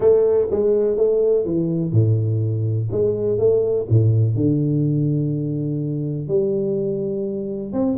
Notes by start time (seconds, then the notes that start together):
0.00 A3
0.50 G#3
0.96 A3
1.45 E3
1.92 A2
2.91 G#3
3.38 A3
3.89 A2
4.35 D3
6.28 G3
7.72 C4